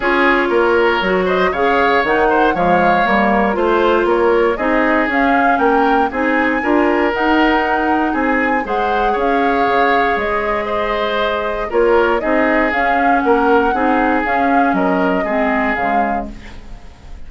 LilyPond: <<
  \new Staff \with { instrumentName = "flute" } { \time 4/4 \tempo 4 = 118 cis''2~ cis''8 dis''8 f''4 | fis''4 f''4 ais'4 c''4 | cis''4 dis''4 f''4 g''4 | gis''2 fis''2 |
gis''4 fis''4 f''2 | dis''2. cis''4 | dis''4 f''4 fis''2 | f''4 dis''2 f''4 | }
  \new Staff \with { instrumentName = "oboe" } { \time 4/4 gis'4 ais'4. c''8 cis''4~ | cis''8 c''8 cis''2 c''4 | ais'4 gis'2 ais'4 | gis'4 ais'2. |
gis'4 c''4 cis''2~ | cis''4 c''2 ais'4 | gis'2 ais'4 gis'4~ | gis'4 ais'4 gis'2 | }
  \new Staff \with { instrumentName = "clarinet" } { \time 4/4 f'2 fis'4 gis'4 | dis'4 gis4 ais4 f'4~ | f'4 dis'4 cis'2 | dis'4 f'4 dis'2~ |
dis'4 gis'2.~ | gis'2. f'4 | dis'4 cis'2 dis'4 | cis'2 c'4 gis4 | }
  \new Staff \with { instrumentName = "bassoon" } { \time 4/4 cis'4 ais4 fis4 cis4 | dis4 f4 g4 a4 | ais4 c'4 cis'4 ais4 | c'4 d'4 dis'2 |
c'4 gis4 cis'4 cis4 | gis2. ais4 | c'4 cis'4 ais4 c'4 | cis'4 fis4 gis4 cis4 | }
>>